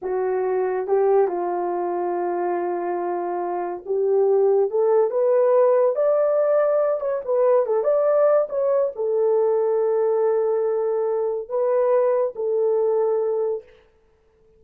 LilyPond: \new Staff \with { instrumentName = "horn" } { \time 4/4 \tempo 4 = 141 fis'2 g'4 f'4~ | f'1~ | f'4 g'2 a'4 | b'2 d''2~ |
d''8 cis''8 b'4 a'8 d''4. | cis''4 a'2.~ | a'2. b'4~ | b'4 a'2. | }